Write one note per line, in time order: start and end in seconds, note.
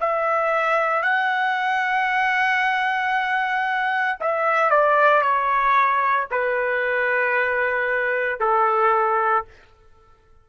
0.00 1.02 E5
1.02 4.18 F#5
4.20 4.70 E5
4.70 5.22 D5
5.22 6.27 C#5
6.31 8.39 B4
8.39 9.44 A4